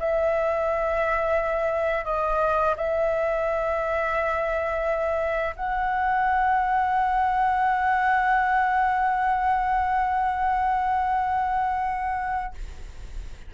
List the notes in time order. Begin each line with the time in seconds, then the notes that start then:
0.00 E5
2.05 D#5
2.77 E5
5.57 F#5